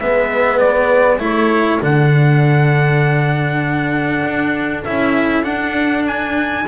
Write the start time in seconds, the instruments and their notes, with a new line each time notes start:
0.00 double bass G#3, cello B3, horn B4, trumpet E5
0.59 trumpet D5
1.20 double bass A3, cello E4, horn A4, trumpet C#5
1.81 double bass D3, cello D4, trumpet F#5
4.25 double bass D4
4.85 double bass C#4, cello E4, trumpet E5
5.44 cello D4, double bass D4, trumpet F#5
6.07 trumpet G#5